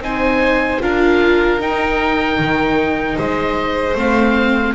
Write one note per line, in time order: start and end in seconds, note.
0.00 0.79 C4
0.00 0.81 D#4
0.00 0.82 C5
0.00 0.83 G#5
0.81 1.60 D4
0.81 1.60 F4
0.81 3.16 A#4
0.81 1.62 F5
1.60 2.38 D#4
1.60 3.96 D#4
1.60 3.19 G5
2.39 3.18 D#3
3.16 3.95 G#3
3.16 4.74 C5
3.16 3.98 D#5
3.95 4.74 A3
3.95 4.75 C4
3.95 4.75 F5